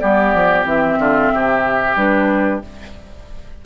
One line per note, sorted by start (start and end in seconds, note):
0.00 0.34 G3
0.00 0.65 B3
0.00 0.99 G4
0.00 0.65 D5
0.34 0.65 F3
0.65 0.98 E3
0.65 1.95 C4
0.65 1.97 E5
0.99 1.31 D3
0.99 1.32 F4
1.33 1.96 C3
1.33 2.66 G4
1.96 2.61 G3
1.96 2.62 D4
1.96 2.62 B4